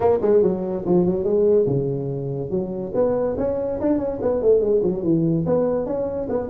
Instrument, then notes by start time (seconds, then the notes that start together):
tuba
0.00 A#3
0.21 G#3
0.42 F#3
0.85 F3
1.05 F#3
1.24 G#3
1.66 C#3
2.50 F#3
2.94 B3
3.37 C#4
3.81 D4
3.98 C#4
4.21 B3
4.42 A3
4.60 G#3
4.82 F#3
5.03 E3
5.45 B3
5.86 C#4
6.29 B3